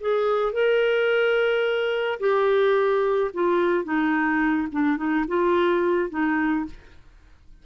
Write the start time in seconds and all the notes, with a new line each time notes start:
0.00 G#4
0.53 A#4
2.20 G4
3.34 F4
3.84 D#4
4.72 D4
4.97 D#4
5.28 F4
6.10 D#4